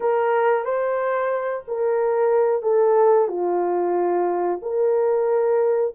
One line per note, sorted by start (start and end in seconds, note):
0.00 0.64 A#4
0.64 1.63 C5
1.67 2.62 A#4
2.62 3.28 A4
3.28 4.59 F4
4.62 5.93 A#4